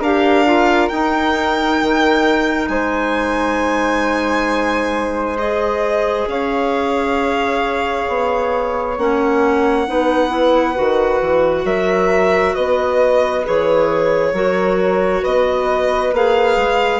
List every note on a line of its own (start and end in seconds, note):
0.00 0.90 D4
0.00 0.46 G4
0.00 2.69 A#4
0.00 0.89 F5
0.46 0.91 F4
0.89 5.38 D#4
0.89 1.81 D#4
0.89 2.68 G5
1.82 2.68 D#3
2.68 6.27 G#3
2.68 6.29 C5
2.68 5.37 G#5
5.39 8.97 G#4
5.39 6.28 D#5
6.27 8.06 C#4
6.27 9.88 C#5
6.27 8.98 F5
8.08 8.98 B3
8.98 9.87 A#3
8.98 9.87 C#4
8.98 11.66 F#5
9.87 10.78 B3
9.87 10.29 D#4
9.87 11.65 B4
10.29 10.74 E4
10.75 11.21 D#3
10.75 13.44 F#4
11.21 11.64 E3
11.64 12.54 F#3
11.64 12.54 A#4
11.64 12.55 E5
12.55 13.47 B3
12.55 14.34 B4
12.55 13.45 D#5
13.45 14.33 E3
13.45 14.34 G#4
13.45 15.24 C#5
14.33 15.22 F#3
14.33 16.13 F#4
14.33 15.21 A#4
15.21 16.12 B3
15.21 17.00 B4
15.21 16.14 D#5
16.12 16.57 A#3
16.12 17.00 G#4
16.12 17.00 F5
16.57 17.00 G#3